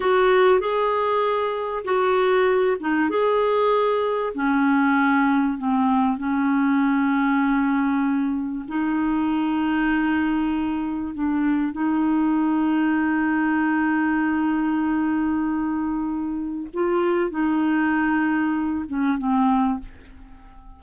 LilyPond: \new Staff \with { instrumentName = "clarinet" } { \time 4/4 \tempo 4 = 97 fis'4 gis'2 fis'4~ | fis'8 dis'8 gis'2 cis'4~ | cis'4 c'4 cis'2~ | cis'2 dis'2~ |
dis'2 d'4 dis'4~ | dis'1~ | dis'2. f'4 | dis'2~ dis'8 cis'8 c'4 | }